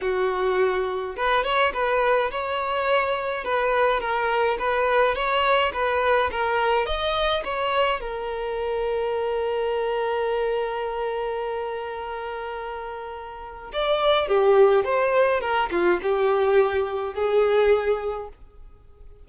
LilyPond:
\new Staff \with { instrumentName = "violin" } { \time 4/4 \tempo 4 = 105 fis'2 b'8 cis''8 b'4 | cis''2 b'4 ais'4 | b'4 cis''4 b'4 ais'4 | dis''4 cis''4 ais'2~ |
ais'1~ | ais'1 | d''4 g'4 c''4 ais'8 f'8 | g'2 gis'2 | }